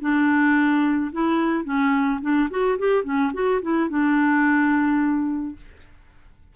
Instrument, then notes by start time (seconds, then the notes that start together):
clarinet
0.00 D4
1.12 E4
1.64 C#4
2.21 D4
2.50 F#4
2.78 G4
3.04 C#4
3.33 F#4
3.62 E4
3.89 D4